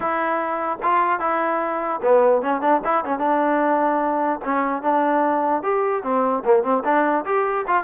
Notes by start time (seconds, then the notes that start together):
0.00 E4
0.83 F4
1.19 E4
2.02 B3
2.42 C#4
2.61 D4
2.84 E4
3.05 C#4
3.18 D4
4.44 C#4
4.82 D4
5.63 G4
6.03 C4
6.44 A#3
6.63 C4
6.84 D4
7.25 G4
7.67 F4